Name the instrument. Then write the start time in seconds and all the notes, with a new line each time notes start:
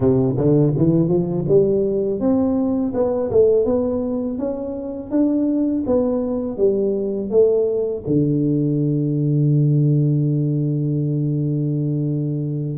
tuba
0.00 C3
0.37 D3
0.77 E3
1.08 F3
1.48 G3
2.20 C4
2.93 B3
3.31 A3
3.65 B3
4.38 C#4
5.11 D4
5.86 B3
6.57 G3
7.30 A3
8.07 D3